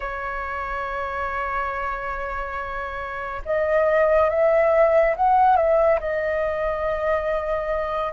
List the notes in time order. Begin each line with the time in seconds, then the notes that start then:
0.00 C#5
3.45 D#5
4.29 E5
5.16 F#5
5.56 E5
6.00 D#5